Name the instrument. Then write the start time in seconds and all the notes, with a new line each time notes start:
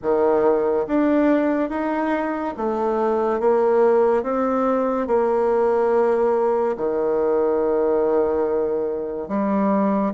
bassoon
0.02 D#3
0.87 D4
1.69 D#4
2.57 A3
3.40 A#3
4.23 C4
5.07 A#3
6.76 D#3
9.28 G3